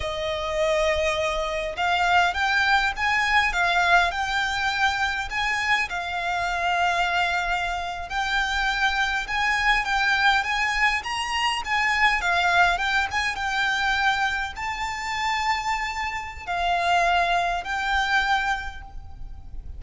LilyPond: \new Staff \with { instrumentName = "violin" } { \time 4/4 \tempo 4 = 102 dis''2. f''4 | g''4 gis''4 f''4 g''4~ | g''4 gis''4 f''2~ | f''4.~ f''16 g''2 gis''16~ |
gis''8. g''4 gis''4 ais''4 gis''16~ | gis''8. f''4 g''8 gis''8 g''4~ g''16~ | g''8. a''2.~ a''16 | f''2 g''2 | }